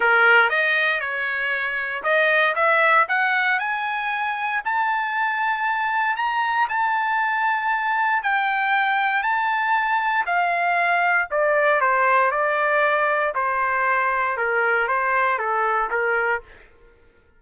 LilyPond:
\new Staff \with { instrumentName = "trumpet" } { \time 4/4 \tempo 4 = 117 ais'4 dis''4 cis''2 | dis''4 e''4 fis''4 gis''4~ | gis''4 a''2. | ais''4 a''2. |
g''2 a''2 | f''2 d''4 c''4 | d''2 c''2 | ais'4 c''4 a'4 ais'4 | }